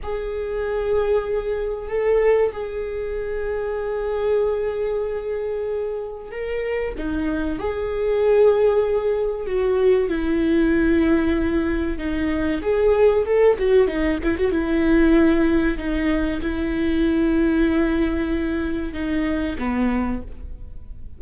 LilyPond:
\new Staff \with { instrumentName = "viola" } { \time 4/4 \tempo 4 = 95 gis'2. a'4 | gis'1~ | gis'2 ais'4 dis'4 | gis'2. fis'4 |
e'2. dis'4 | gis'4 a'8 fis'8 dis'8 e'16 fis'16 e'4~ | e'4 dis'4 e'2~ | e'2 dis'4 b4 | }